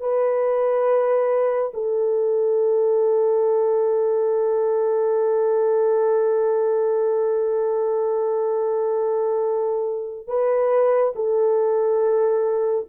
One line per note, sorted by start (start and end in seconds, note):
0.00 1.71 B4
1.74 10.27 A4
10.27 11.13 B4
11.15 12.86 A4